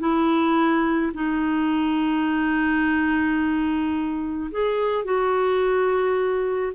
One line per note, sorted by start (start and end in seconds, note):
0.00 1.12 E4
1.14 4.51 D#4
4.51 5.05 G#4
5.05 6.73 F#4